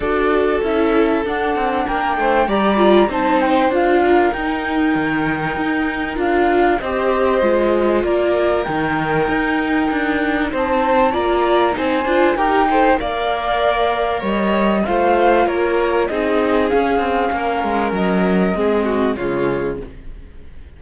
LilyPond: <<
  \new Staff \with { instrumentName = "flute" } { \time 4/4 \tempo 4 = 97 d''4 e''4 fis''4 g''4 | ais''4 a''8 g''8 f''4 g''4~ | g''2 f''4 dis''4~ | dis''4 d''4 g''2~ |
g''4 a''4 ais''4 gis''4 | g''4 f''2 dis''4 | f''4 cis''4 dis''4 f''4~ | f''4 dis''2 cis''4 | }
  \new Staff \with { instrumentName = "violin" } { \time 4/4 a'2. ais'8 c''8 | d''4 c''4. ais'4.~ | ais'2. c''4~ | c''4 ais'2.~ |
ais'4 c''4 d''4 c''4 | ais'8 c''8 d''2 cis''4 | c''4 ais'4 gis'2 | ais'2 gis'8 fis'8 f'4 | }
  \new Staff \with { instrumentName = "viola" } { \time 4/4 fis'4 e'4 d'2 | g'8 f'8 dis'4 f'4 dis'4~ | dis'2 f'4 g'4 | f'2 dis'2~ |
dis'2 f'4 dis'8 f'8 | g'8 a'8 ais'2. | f'2 dis'4 cis'4~ | cis'2 c'4 gis4 | }
  \new Staff \with { instrumentName = "cello" } { \time 4/4 d'4 cis'4 d'8 c'8 ais8 a8 | g4 c'4 d'4 dis'4 | dis4 dis'4 d'4 c'4 | gis4 ais4 dis4 dis'4 |
d'4 c'4 ais4 c'8 d'8 | dis'4 ais2 g4 | a4 ais4 c'4 cis'8 c'8 | ais8 gis8 fis4 gis4 cis4 | }
>>